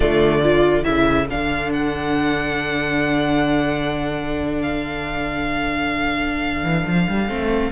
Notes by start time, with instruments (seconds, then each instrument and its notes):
0.00 cello D3, viola A3, violin F4 D5
0.41 viola F4, violin A4
0.83 cello C#3, viola E4, violin E5
1.29 cello D3, viola D4, violin F5
1.72 violin F#5
4.61 violin F5
6.63 cello E3
6.86 cello F3
7.08 cello G3
7.28 cello A3, viola C4